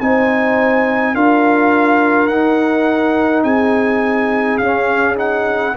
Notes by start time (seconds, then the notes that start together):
0.00 C4 D#4 C5 G#5
1.15 D4 F4 A#4 F5
2.27 D#4 F#5
3.44 C4 G#4 G#5
4.58 C#4 F5
5.17 D#4 F#5